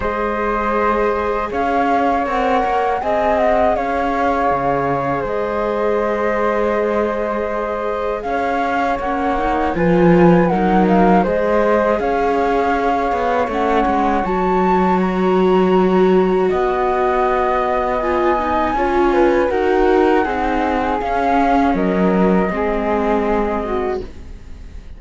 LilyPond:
<<
  \new Staff \with { instrumentName = "flute" } { \time 4/4 \tempo 4 = 80 dis''2 f''4 fis''4 | gis''8 fis''8 f''2 dis''4~ | dis''2. f''4 | fis''4 gis''4 fis''8 f''8 dis''4 |
f''2 fis''4 a''4 | ais''2 fis''2 | gis''2 fis''2 | f''4 dis''2. | }
  \new Staff \with { instrumentName = "flute" } { \time 4/4 c''2 cis''2 | dis''4 cis''2 c''4~ | c''2. cis''4~ | cis''4 b'4 ais'4 c''4 |
cis''1~ | cis''2 dis''2~ | dis''4 cis''8 b'8 ais'4 gis'4~ | gis'4 ais'4 gis'4. fis'8 | }
  \new Staff \with { instrumentName = "viola" } { \time 4/4 gis'2. ais'4 | gis'1~ | gis'1 | cis'8 dis'8 f'4 dis'4 gis'4~ |
gis'2 cis'4 fis'4~ | fis'1 | f'8 dis'8 f'4 fis'4 dis'4 | cis'2 c'2 | }
  \new Staff \with { instrumentName = "cello" } { \time 4/4 gis2 cis'4 c'8 ais8 | c'4 cis'4 cis4 gis4~ | gis2. cis'4 | ais4 f4 fis4 gis4 |
cis'4. b8 a8 gis8 fis4~ | fis2 b2~ | b4 cis'4 dis'4 c'4 | cis'4 fis4 gis2 | }
>>